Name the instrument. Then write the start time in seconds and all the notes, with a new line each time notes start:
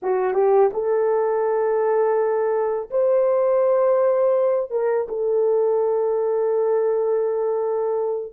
horn
0.02 F#4
0.33 G4
0.73 A4
2.90 C5
4.71 A#4
5.08 A4